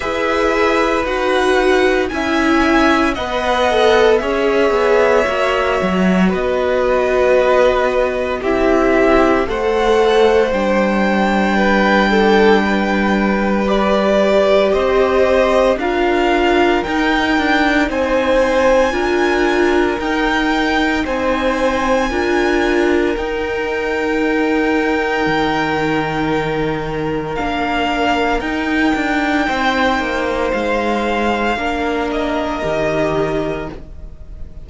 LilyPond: <<
  \new Staff \with { instrumentName = "violin" } { \time 4/4 \tempo 4 = 57 e''4 fis''4 gis''4 fis''4 | e''2 dis''2 | e''4 fis''4 g''2~ | g''4 d''4 dis''4 f''4 |
g''4 gis''2 g''4 | gis''2 g''2~ | g''2 f''4 g''4~ | g''4 f''4. dis''4. | }
  \new Staff \with { instrumentName = "violin" } { \time 4/4 b'2 e''4 dis''4 | cis''2 b'2 | g'4 c''2 b'8 a'8 | b'2 c''4 ais'4~ |
ais'4 c''4 ais'2 | c''4 ais'2.~ | ais'1 | c''2 ais'2 | }
  \new Staff \with { instrumentName = "viola" } { \time 4/4 gis'4 fis'4 e'4 b'8 a'8 | gis'4 fis'2. | e'4 a'4 d'2~ | d'4 g'2 f'4 |
dis'2 f'4 dis'4~ | dis'4 f'4 dis'2~ | dis'2 d'4 dis'4~ | dis'2 d'4 g'4 | }
  \new Staff \with { instrumentName = "cello" } { \time 4/4 e'4 dis'4 cis'4 b4 | cis'8 b8 ais8 fis8 b2 | c'4 a4 g2~ | g2 c'4 d'4 |
dis'8 d'8 c'4 d'4 dis'4 | c'4 d'4 dis'2 | dis2 ais4 dis'8 d'8 | c'8 ais8 gis4 ais4 dis4 | }
>>